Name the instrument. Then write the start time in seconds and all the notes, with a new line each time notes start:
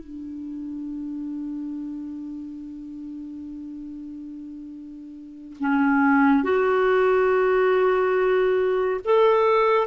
clarinet
0.00 D4
5.60 C#4
6.44 F#4
9.05 A4